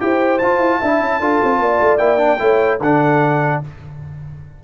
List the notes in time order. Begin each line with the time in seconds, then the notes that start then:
0.00 E4 G4 C5 G5
0.39 F4 A5
0.59 E4
0.79 D4 E5
0.85 E4
1.01 C#4
1.20 D4 F4 A4
1.43 C4
1.59 A#3 D5
1.81 A3
1.98 A#3 E4 G5
2.18 D4
2.39 A3 E4 C#5
2.80 D3 D4 A4 F#5